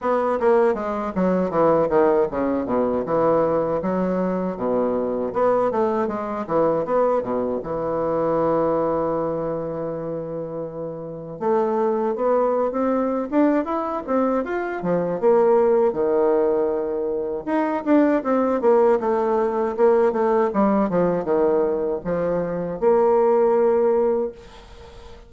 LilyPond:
\new Staff \with { instrumentName = "bassoon" } { \time 4/4 \tempo 4 = 79 b8 ais8 gis8 fis8 e8 dis8 cis8 b,8 | e4 fis4 b,4 b8 a8 | gis8 e8 b8 b,8 e2~ | e2. a4 |
b8. c'8. d'8 e'8 c'8 f'8 f8 | ais4 dis2 dis'8 d'8 | c'8 ais8 a4 ais8 a8 g8 f8 | dis4 f4 ais2 | }